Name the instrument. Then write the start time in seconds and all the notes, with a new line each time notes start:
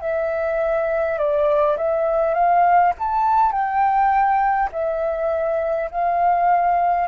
flute
0.00 E5
1.18 D5
1.77 E5
2.34 F5
2.98 A5
3.52 G5
4.72 E5
5.90 F5